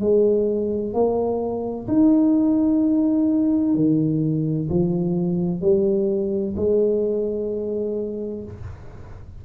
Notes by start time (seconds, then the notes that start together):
0.00 G#3
0.93 A#3
1.87 D#4
3.75 D#3
4.69 F3
5.61 G3
6.56 G#3